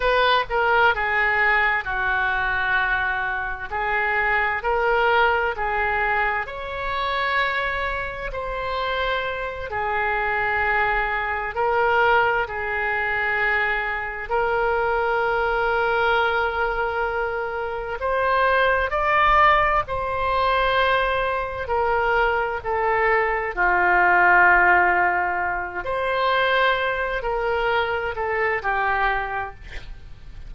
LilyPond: \new Staff \with { instrumentName = "oboe" } { \time 4/4 \tempo 4 = 65 b'8 ais'8 gis'4 fis'2 | gis'4 ais'4 gis'4 cis''4~ | cis''4 c''4. gis'4.~ | gis'8 ais'4 gis'2 ais'8~ |
ais'2.~ ais'8 c''8~ | c''8 d''4 c''2 ais'8~ | ais'8 a'4 f'2~ f'8 | c''4. ais'4 a'8 g'4 | }